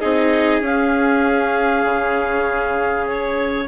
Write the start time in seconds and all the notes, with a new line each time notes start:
0.00 C4 D#4 G#4 D#5
0.61 C#4 F5
1.85 C#3
3.07 C#5